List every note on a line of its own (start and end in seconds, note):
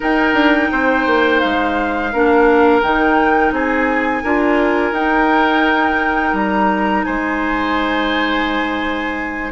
0.00 2.12 D#4
0.00 0.33 D#4
0.00 0.70 A#4
0.00 1.40 G5
0.33 0.69 D4
0.71 1.06 C4
0.71 2.12 C5
1.06 1.41 A#3
1.40 2.14 G#3
1.40 2.81 F5
2.12 2.82 A#3
2.12 2.82 D4
2.12 3.54 A#4
2.81 3.51 D#3
2.81 4.23 D#4
2.81 3.52 G5
3.51 4.22 C4
3.51 4.23 G#4
3.51 4.94 G#5
4.23 4.91 D4
4.23 4.94 F4
4.23 7.05 A#4
4.91 6.32 D#4
4.91 9.52 D#4
4.91 6.35 G5
6.33 7.03 G3
6.33 7.04 A#5
7.04 9.52 G#3
7.04 9.52 C5
7.04 9.51 G#5